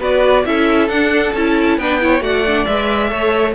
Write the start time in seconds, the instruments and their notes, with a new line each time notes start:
0.00 cello B3, viola F#4, violin B4 D5
0.45 cello C#4, viola E4, violin A4 E5
0.89 cello D4, viola D4, violin F#5
1.34 cello C#4, viola E4, violin A5
1.78 cello B3, viola D4, violin B4 G5
2.01 viola E4, violin C#5
2.21 cello A3, viola F#4, violin D5 F#5
2.47 viola D4
2.66 cello G#3, viola B4, violin E5
3.09 cello A3, viola A4, violin C#5